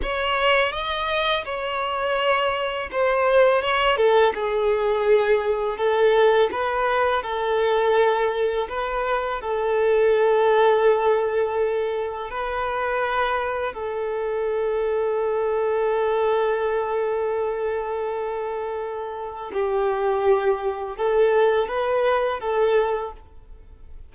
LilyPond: \new Staff \with { instrumentName = "violin" } { \time 4/4 \tempo 4 = 83 cis''4 dis''4 cis''2 | c''4 cis''8 a'8 gis'2 | a'4 b'4 a'2 | b'4 a'2.~ |
a'4 b'2 a'4~ | a'1~ | a'2. g'4~ | g'4 a'4 b'4 a'4 | }